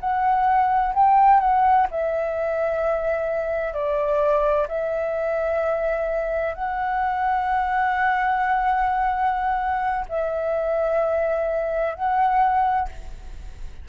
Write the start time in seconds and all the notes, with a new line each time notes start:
0.00 F#5
0.94 G5
1.40 F#5
1.91 E5
3.74 D5
4.68 E5
6.55 F#5
10.09 E5
11.95 F#5